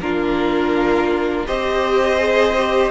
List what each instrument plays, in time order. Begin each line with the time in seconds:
0.00 cello A#3, viola D4, violin F4 A#4
1.46 cello C4, viola G4, violin C5 D#5
2.18 viola G#4
2.57 viola G4